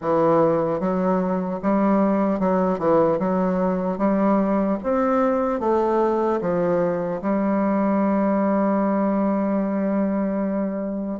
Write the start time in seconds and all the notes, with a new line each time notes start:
0.01 E3
0.80 F#3
1.62 G3
2.39 F#3
2.78 E3
3.19 F#3
3.97 G3
4.83 C4
5.60 A3
6.41 F3
7.21 G3